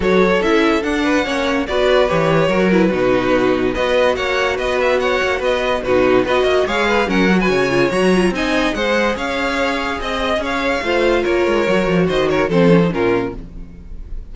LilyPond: <<
  \new Staff \with { instrumentName = "violin" } { \time 4/4 \tempo 4 = 144 cis''4 e''4 fis''2 | d''4 cis''4. b'4.~ | b'4 dis''4 fis''4 dis''8 e''8 | fis''4 dis''4 b'4 dis''4 |
f''4 fis''8. gis''4~ gis''16 ais''4 | gis''4 fis''4 f''2 | dis''4 f''2 cis''4~ | cis''4 dis''8 cis''8 c''4 ais'4 | }
  \new Staff \with { instrumentName = "violin" } { \time 4/4 a'2~ a'8 b'8 cis''4 | b'2 ais'4 fis'4~ | fis'4 b'4 cis''4 b'4 | cis''4 b'4 fis'4 b'8 dis''8 |
cis''8 b'8 ais'8. b'16 cis''2 | dis''4 c''4 cis''2 | dis''4 cis''4 c''4 ais'4~ | ais'4 c''8 ais'8 a'4 f'4 | }
  \new Staff \with { instrumentName = "viola" } { \time 4/4 fis'4 e'4 d'4 cis'4 | fis'4 g'4 fis'8 e'8 dis'4~ | dis'4 fis'2.~ | fis'2 dis'4 fis'4 |
gis'4 cis'8 fis'4 f'8 fis'8 f'8 | dis'4 gis'2.~ | gis'2 f'2 | fis'2 c'8 cis'16 dis'16 cis'4 | }
  \new Staff \with { instrumentName = "cello" } { \time 4/4 fis4 cis'4 d'4 ais4 | b4 e4 fis4 b,4~ | b,4 b4 ais4 b4~ | b8 ais8 b4 b,4 b8 ais8 |
gis4 fis4 cis4 fis4 | c'4 gis4 cis'2 | c'4 cis'4 a4 ais8 gis8 | fis8 f8 dis4 f4 ais,4 | }
>>